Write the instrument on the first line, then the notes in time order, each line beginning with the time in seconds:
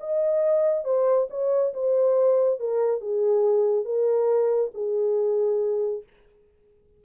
horn
0.00 D#5
0.84 C5
1.30 C#5
1.73 C5
2.60 A#4
3.01 G#4
3.85 A#4
4.74 G#4